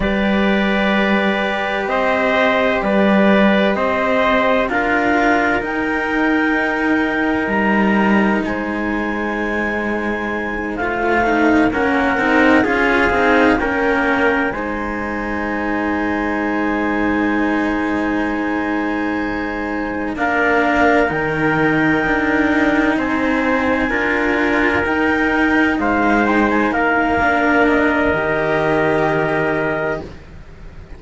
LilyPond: <<
  \new Staff \with { instrumentName = "clarinet" } { \time 4/4 \tempo 4 = 64 d''2 dis''4 d''4 | dis''4 f''4 g''2 | ais''4 gis''2~ gis''8 f''8~ | f''8 fis''4 f''4 g''4 gis''8~ |
gis''1~ | gis''4. f''4 g''4.~ | g''8 gis''2 g''4 f''8 | g''16 gis''16 f''4 dis''2~ dis''8 | }
  \new Staff \with { instrumentName = "trumpet" } { \time 4/4 b'2 c''4 b'4 | c''4 ais'2.~ | ais'4 c''2.~ | c''8 ais'4 gis'4 ais'4 c''8~ |
c''1~ | c''4. ais'2~ ais'8~ | ais'8 c''4 ais'2 c''8~ | c''8 ais'2.~ ais'8 | }
  \new Staff \with { instrumentName = "cello" } { \time 4/4 g'1~ | g'4 f'4 dis'2~ | dis'2.~ dis'8 f'8 | dis'8 cis'8 dis'8 f'8 dis'8 cis'4 dis'8~ |
dis'1~ | dis'4. d'4 dis'4.~ | dis'4. f'4 dis'4.~ | dis'4 d'4 g'2 | }
  \new Staff \with { instrumentName = "cello" } { \time 4/4 g2 c'4 g4 | c'4 d'4 dis'2 | g4 gis2~ gis8 a8~ | a8 ais8 c'8 cis'8 c'8 ais4 gis8~ |
gis1~ | gis4. ais4 dis4 d'8~ | d'8 c'4 d'4 dis'4 gis8~ | gis8 ais4. dis2 | }
>>